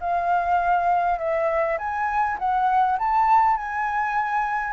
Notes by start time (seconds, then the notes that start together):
0.00 F5
1.18 E5
1.78 G#5
2.38 F#5
2.98 A5
3.56 G#5